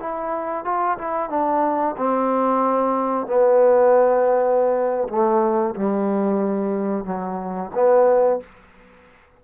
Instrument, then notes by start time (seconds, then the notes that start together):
trombone
0.00 E4
0.65 F4
0.98 E4
1.30 D4
1.98 C4
3.27 B3
5.09 A3
5.75 G3
7.05 F#3
7.75 B3